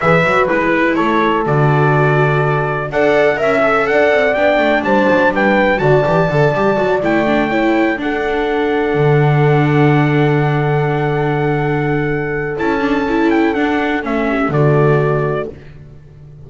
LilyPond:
<<
  \new Staff \with { instrumentName = "trumpet" } { \time 4/4 \tempo 4 = 124 e''4 b'4 cis''4 d''4~ | d''2 fis''4 e''4 | fis''4 g''4 a''4 g''4 | a''2~ a''8 g''4.~ |
g''8 fis''2.~ fis''8~ | fis''1~ | fis''2 a''4. g''8 | fis''4 e''4 d''2 | }
  \new Staff \with { instrumentName = "horn" } { \time 4/4 b'2 a'2~ | a'2 d''4 e''4 | d''2 c''4 b'4 | d''2.~ d''8 cis''8~ |
cis''8 a'2.~ a'8~ | a'1~ | a'1~ | a'4. g'8 fis'2 | }
  \new Staff \with { instrumentName = "viola" } { \time 4/4 gis'8 fis'8 e'2 fis'4~ | fis'2 a'4 ais'8 a'8~ | a'4 d'2. | fis'8 g'8 a'8 g'8 fis'8 e'8 d'8 e'8~ |
e'8 d'2.~ d'8~ | d'1~ | d'2 e'8 d'8 e'4 | d'4 cis'4 a2 | }
  \new Staff \with { instrumentName = "double bass" } { \time 4/4 e8 fis8 gis4 a4 d4~ | d2 d'4 cis'4 | d'8 c'8 b8 a8 g8 fis8 g4 | d8 e8 d8 g8 fis8 a4.~ |
a8 d'2 d4.~ | d1~ | d2 cis'2 | d'4 a4 d2 | }
>>